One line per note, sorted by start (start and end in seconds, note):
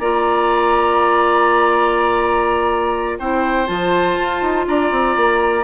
0.00 3.20 A#3
0.00 3.21 F4
0.00 3.19 D5
0.00 3.19 A#5
3.19 3.69 C4
3.19 3.67 E4
3.19 4.67 C5
3.19 3.67 G5
3.67 4.18 F3
3.67 5.64 F4
3.67 4.66 A5
4.19 4.42 F4
4.42 4.66 D#4
4.67 4.91 D4
4.67 5.65 D5
4.67 5.65 A#5
4.91 5.16 C4
5.16 5.65 A#3